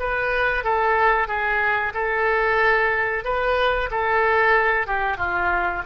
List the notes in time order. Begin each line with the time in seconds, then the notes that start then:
0.00 B4
0.64 A4
1.28 G#4
1.94 A4
3.25 B4
3.91 A4
4.87 G4
5.17 F4